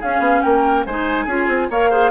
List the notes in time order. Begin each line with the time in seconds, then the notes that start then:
0.00 C#4 G#4 F5
0.20 B3
0.42 A#3 A#4 G5
0.86 G#3 D#4 C5 G#5
1.25 C#4 F4 G#4
1.48 C4
1.70 A#3 A#4 C#5 F5
1.90 G#4 C5